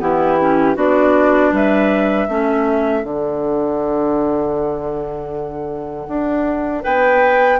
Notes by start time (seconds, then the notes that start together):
0.00 E3 B3 E4 G4
0.41 C#4
0.75 B3 D4 F#4 D5
1.52 G3 B4 E5
2.28 A3 C#4 A4
3.03 D3 D4 F#5
6.08 D4
6.82 B3 B4 G5